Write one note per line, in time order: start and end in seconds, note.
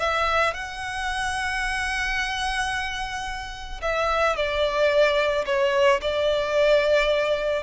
0.00 0.54 E5
0.54 3.81 F#5
3.82 4.37 E5
4.37 5.46 D5
5.46 6.01 C#5
6.02 7.63 D5